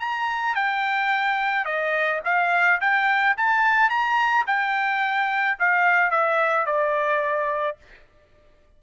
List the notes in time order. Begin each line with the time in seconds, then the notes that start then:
0.00 A#5
0.56 G5
1.65 D#5
2.25 F5
2.81 G5
3.38 A5
3.90 A#5
4.47 G5
5.60 F5
6.11 E5
6.67 D5